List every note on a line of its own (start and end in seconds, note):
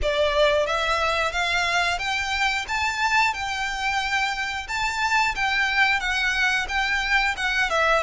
0.02 0.66 D5
0.66 1.32 E5
1.32 1.98 F5
1.98 2.65 G5
2.68 3.33 A5
3.33 4.67 G5
4.68 5.34 A5
5.35 6.00 G5
6.00 6.66 F#5
6.68 7.35 G5
7.36 7.69 F#5
7.69 8.02 E5